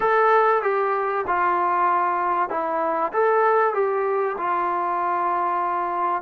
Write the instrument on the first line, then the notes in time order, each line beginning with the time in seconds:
trombone
0.00 A4
0.62 G4
1.27 F4
2.49 E4
3.12 A4
3.73 G4
4.37 F4